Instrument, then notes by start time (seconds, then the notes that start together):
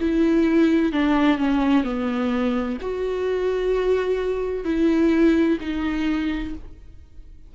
viola
0.00 E4
0.92 D4
1.38 C#4
1.84 B3
2.81 F#4
4.64 E4
5.60 D#4